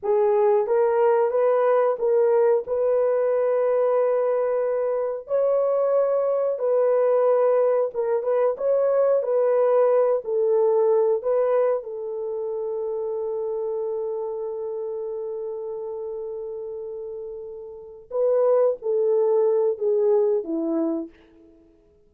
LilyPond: \new Staff \with { instrumentName = "horn" } { \time 4/4 \tempo 4 = 91 gis'4 ais'4 b'4 ais'4 | b'1 | cis''2 b'2 | ais'8 b'8 cis''4 b'4. a'8~ |
a'4 b'4 a'2~ | a'1~ | a'2.~ a'8 b'8~ | b'8 a'4. gis'4 e'4 | }